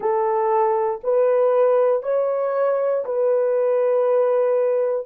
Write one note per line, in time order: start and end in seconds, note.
0.00 1.00 A4
1.03 2.02 B4
2.02 3.04 C#5
3.05 5.06 B4